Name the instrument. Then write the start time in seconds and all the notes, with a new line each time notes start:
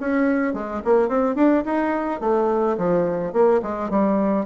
bassoon
0.00 C#4
0.54 G#3
0.84 A#3
1.08 C4
1.35 D4
1.65 D#4
2.20 A3
2.78 F3
3.33 A#3
3.62 G#3
3.90 G3